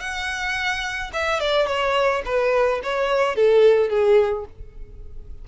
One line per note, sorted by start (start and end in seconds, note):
0.00 1.11 F#5
1.13 1.40 E5
1.40 1.67 D5
1.67 2.22 C#5
2.26 2.81 B4
2.83 3.35 C#5
3.35 3.90 A4
3.90 4.45 G#4